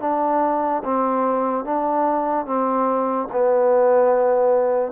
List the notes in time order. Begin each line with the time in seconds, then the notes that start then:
0.00 D4
0.84 C4
1.64 D4
2.45 C4
3.32 B3